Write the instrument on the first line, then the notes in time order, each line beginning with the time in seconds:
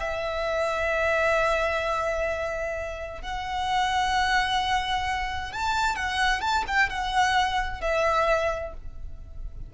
violin
0.00 E5
3.22 F#5
5.53 A5
5.96 F#5
6.41 A5
6.68 G5
6.90 F#5
7.81 E5